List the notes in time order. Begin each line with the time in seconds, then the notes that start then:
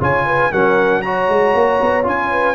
0.00 C#3 F4 C#5 G#5
0.26 B4
0.52 F#3 C#4 A#4 F#5
1.02 F#4 C#5 A#5
1.29 G#3
1.55 A#3
1.82 B3
2.04 C#4 F4 G#5
2.32 B4